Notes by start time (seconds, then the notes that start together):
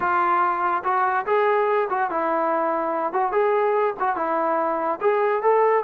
0.00 F4
0.84 F#4
1.26 G#4
1.89 F#4
2.10 E4
3.12 F#4
3.32 G#4
3.99 F#4
4.16 E4
5.00 G#4
5.42 A4